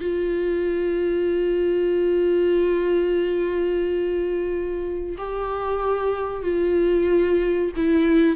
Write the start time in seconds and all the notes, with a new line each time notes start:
0.00 F4
5.17 G4
6.42 F4
7.76 E4